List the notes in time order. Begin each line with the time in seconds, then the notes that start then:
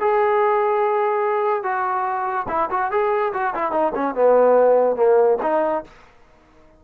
0.00 G#4
1.63 F#4
2.48 E4
2.70 F#4
2.91 G#4
3.33 F#4
3.55 E4
3.71 D#4
3.95 C#4
4.15 B3
4.96 A#3
5.42 D#4